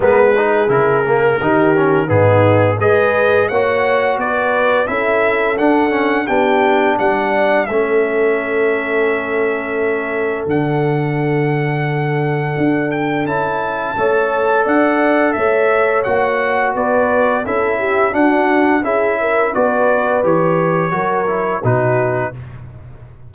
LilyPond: <<
  \new Staff \with { instrumentName = "trumpet" } { \time 4/4 \tempo 4 = 86 b'4 ais'2 gis'4 | dis''4 fis''4 d''4 e''4 | fis''4 g''4 fis''4 e''4~ | e''2. fis''4~ |
fis''2~ fis''8 g''8 a''4~ | a''4 fis''4 e''4 fis''4 | d''4 e''4 fis''4 e''4 | d''4 cis''2 b'4 | }
  \new Staff \with { instrumentName = "horn" } { \time 4/4 ais'8 gis'4. g'4 dis'4 | b'4 cis''4 b'4 a'4~ | a'4 g'4 d''4 a'4~ | a'1~ |
a'1 | cis''4 d''4 cis''2 | b'4 a'8 g'8 fis'4 gis'8 ais'8 | b'2 ais'4 fis'4 | }
  \new Staff \with { instrumentName = "trombone" } { \time 4/4 b8 dis'8 e'8 ais8 dis'8 cis'8 b4 | gis'4 fis'2 e'4 | d'8 cis'8 d'2 cis'4~ | cis'2. d'4~ |
d'2. e'4 | a'2. fis'4~ | fis'4 e'4 d'4 e'4 | fis'4 g'4 fis'8 e'8 dis'4 | }
  \new Staff \with { instrumentName = "tuba" } { \time 4/4 gis4 cis4 dis4 gis,4 | gis4 ais4 b4 cis'4 | d'4 b4 g4 a4~ | a2. d4~ |
d2 d'4 cis'4 | a4 d'4 a4 ais4 | b4 cis'4 d'4 cis'4 | b4 e4 fis4 b,4 | }
>>